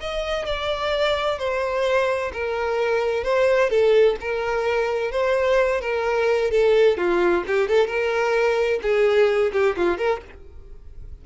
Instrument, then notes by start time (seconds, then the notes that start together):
violin
0.00 D#5
0.46 D5
1.39 C5
2.33 A#4
3.24 C5
3.70 A4
4.21 A#4
5.11 C5
5.81 A#4
6.51 A4
6.97 F4
7.47 G4
7.68 A4
7.87 A#4
8.82 G#4
9.52 G4
9.77 F4
9.98 A#4